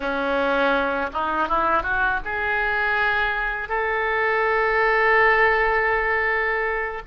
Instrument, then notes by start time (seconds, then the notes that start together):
oboe
0.00 C#4
1.13 D#4
1.48 E4
1.82 F#4
2.25 G#4
3.68 A4